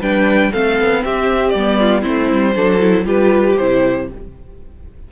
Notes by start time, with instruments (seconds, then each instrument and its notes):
0.00 cello G3, viola D4, violin B4 G5
0.52 cello A3, viola C4, violin A4 F5
0.80 cello B3
1.05 cello C4, violin G4 E5
1.50 cello G3, violin D5
1.58 viola B3
1.81 violin F4
2.02 viola C4, violin E4 C5
2.08 cello A3
2.32 cello G3
2.56 cello F#3, viola D4, violin A4
2.80 viola E4
3.05 cello G3, viola F4, violin G4 B4
3.57 cello C3, viola E4, violin C5